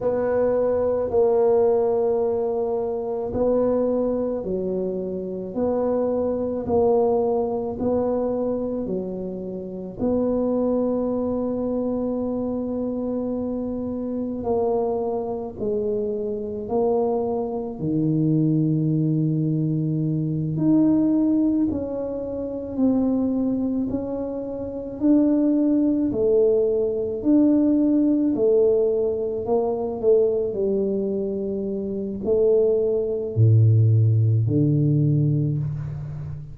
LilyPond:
\new Staff \with { instrumentName = "tuba" } { \time 4/4 \tempo 4 = 54 b4 ais2 b4 | fis4 b4 ais4 b4 | fis4 b2.~ | b4 ais4 gis4 ais4 |
dis2~ dis8 dis'4 cis'8~ | cis'8 c'4 cis'4 d'4 a8~ | a8 d'4 a4 ais8 a8 g8~ | g4 a4 a,4 d4 | }